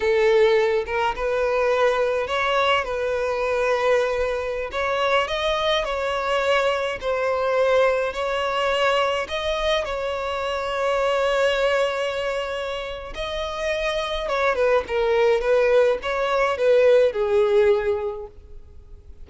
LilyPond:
\new Staff \with { instrumentName = "violin" } { \time 4/4 \tempo 4 = 105 a'4. ais'8 b'2 | cis''4 b'2.~ | b'16 cis''4 dis''4 cis''4.~ cis''16~ | cis''16 c''2 cis''4.~ cis''16~ |
cis''16 dis''4 cis''2~ cis''8.~ | cis''2. dis''4~ | dis''4 cis''8 b'8 ais'4 b'4 | cis''4 b'4 gis'2 | }